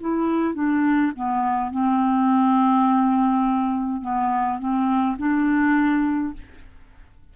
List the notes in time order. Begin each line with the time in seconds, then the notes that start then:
0.00 E4
0.54 D4
1.15 B3
1.71 C4
4.01 B3
4.59 C4
5.18 D4